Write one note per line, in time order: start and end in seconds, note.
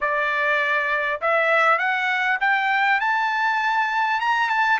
0.01 1.21 D5
1.21 1.78 E5
1.78 2.38 F#5
2.40 3.00 G5
3.00 4.20 A5
4.20 4.49 A#5
4.49 4.79 A5